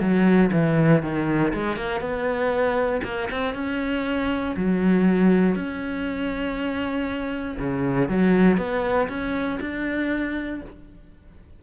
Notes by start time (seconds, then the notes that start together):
0.00 F#3
0.52 E3
1.02 D#3
1.53 G#3
1.76 A#3
2.00 B3
3.03 A#3
3.30 C4
3.54 C#4
4.56 F#3
5.55 C#4
7.58 C#3
8.08 F#3
8.57 B3
9.08 C#4
9.60 D4